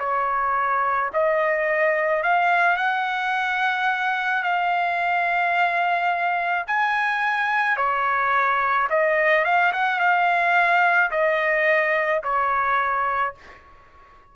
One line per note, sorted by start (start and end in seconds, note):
0.00 1.11 C#5
1.14 2.23 D#5
2.23 2.77 F5
2.77 4.43 F#5
4.43 6.66 F5
6.67 7.77 G#5
7.77 8.88 C#5
8.90 9.45 D#5
9.45 9.73 F5
9.73 10.00 F#5
10.00 11.11 F5
11.11 12.22 D#5
12.24 13.35 C#5